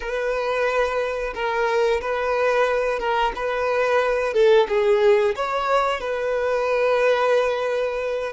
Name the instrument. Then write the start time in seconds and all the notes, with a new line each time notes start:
violin
0.00 B4
1.34 A#4
2.01 B4
2.99 A#4
3.35 B4
4.33 A4
4.68 G#4
5.35 C#5
6.00 B4